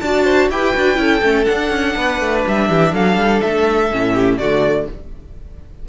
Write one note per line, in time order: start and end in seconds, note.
0.00 0.50 D4
0.00 0.52 F#4
0.00 0.24 D5
0.00 0.49 A5
0.24 0.49 C5
0.50 0.75 E4
0.50 0.74 G4
0.50 1.01 B4
0.50 1.45 G5
0.74 0.98 D4
0.74 0.96 F#4
0.96 1.22 C#4
0.96 1.20 E4
0.96 1.98 A4
1.23 1.47 A3
1.23 1.46 C#4
1.45 3.90 D4
1.45 1.71 D4
1.45 2.42 F#5
1.71 1.95 C#4
1.97 2.21 B3
1.97 2.68 B4
2.21 2.45 A3
2.48 2.70 G3
2.48 2.95 E5
2.68 2.93 E3
2.68 2.92 G4
2.93 3.17 F#3
2.93 4.14 A4
2.93 3.41 F5
3.17 3.42 G3
3.41 3.92 A3
3.41 4.38 E5
3.92 4.39 A2
3.92 4.40 C#4
4.14 4.38 G4
4.38 4.88 D3
4.38 4.89 A3
4.38 4.88 F#4
4.38 4.87 D5